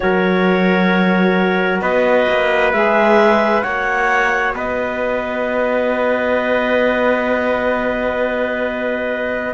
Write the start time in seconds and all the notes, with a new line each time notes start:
0.00 F#3 F#4 A#4 C#5
1.81 B3 B4 D#5
2.29 A#3
2.72 G#3 G#4 E5
3.62 A#3 F#4 C#5 F#5
4.54 B3 B4 D#5